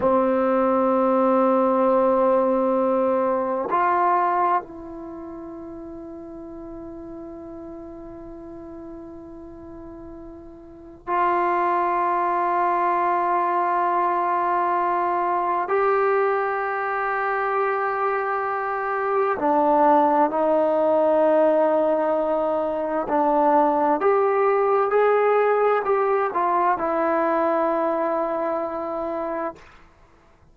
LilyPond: \new Staff \with { instrumentName = "trombone" } { \time 4/4 \tempo 4 = 65 c'1 | f'4 e'2.~ | e'1 | f'1~ |
f'4 g'2.~ | g'4 d'4 dis'2~ | dis'4 d'4 g'4 gis'4 | g'8 f'8 e'2. | }